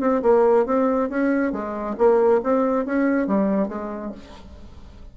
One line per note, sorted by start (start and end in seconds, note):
0.00 0.22 C4
0.22 0.66 A#3
0.66 1.09 C4
1.09 1.52 C#4
1.52 1.95 G#3
1.97 2.41 A#3
2.43 2.85 C4
2.85 3.27 C#4
3.27 3.68 G3
3.68 4.11 G#3